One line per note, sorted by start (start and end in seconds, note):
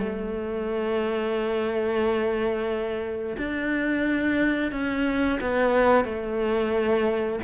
0.00 3.37 A3
3.38 4.72 D4
4.72 5.39 C#4
5.41 6.05 B3
6.05 7.40 A3